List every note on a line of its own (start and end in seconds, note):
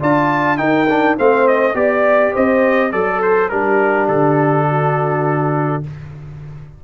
0.00 0.59 D4
0.00 0.58 F4
0.00 0.58 D5
0.00 0.58 A5
0.58 0.87 D#4
0.58 1.17 D#4
0.58 1.18 A#4
0.58 1.16 G5
0.89 1.17 D4
1.17 1.75 A3
1.17 1.74 C4
1.17 1.76 C5
1.17 1.48 F5
1.48 1.75 D#5
1.74 2.33 B3
1.74 2.91 G4
1.74 2.34 D5
1.74 2.33 D5
2.33 2.93 C4
2.33 2.91 C5
2.33 2.92 D#5
2.92 3.51 F#3
2.92 3.50 A4
2.92 3.53 A4
2.92 3.21 D5
3.22 3.49 C5
3.49 4.08 G3
3.49 5.84 D4
3.49 4.68 G4
3.49 4.07 A#4
4.08 5.83 D3
4.08 5.83 A4
4.68 5.84 F#4